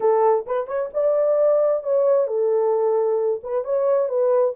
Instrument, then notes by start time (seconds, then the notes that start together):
horn
0.00 A4
0.46 B4
0.67 C#5
0.93 D5
1.83 C#5
2.27 A4
3.43 B4
3.64 C#5
4.08 B4